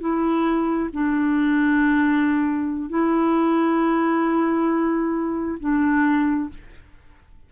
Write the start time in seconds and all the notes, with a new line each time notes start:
0.00 E4
0.93 D4
2.90 E4
5.60 D4